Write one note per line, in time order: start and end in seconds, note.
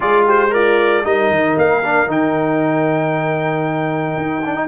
0.00 1.04 G#3
0.00 0.48 F4
0.00 0.24 G#4
0.00 0.26 D5
0.26 0.52 G4
0.26 0.53 C5
0.50 1.05 F4
0.50 1.02 A#4
0.50 1.05 D5
1.04 1.30 G3
1.04 1.82 D#4
1.04 4.68 A#4
1.04 1.57 D#5
1.30 1.56 D#3
1.57 2.07 A#3
1.57 2.10 F5
1.83 2.07 D4
2.07 4.16 D#3
2.07 4.42 D#4
2.07 4.68 G5
4.16 4.68 D#4
4.45 4.55 D4
4.55 4.68 D#4